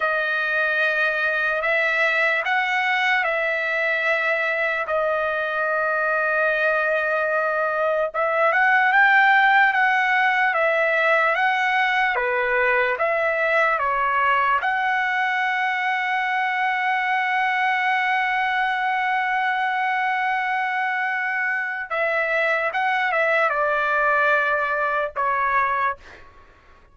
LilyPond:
\new Staff \with { instrumentName = "trumpet" } { \time 4/4 \tempo 4 = 74 dis''2 e''4 fis''4 | e''2 dis''2~ | dis''2 e''8 fis''8 g''4 | fis''4 e''4 fis''4 b'4 |
e''4 cis''4 fis''2~ | fis''1~ | fis''2. e''4 | fis''8 e''8 d''2 cis''4 | }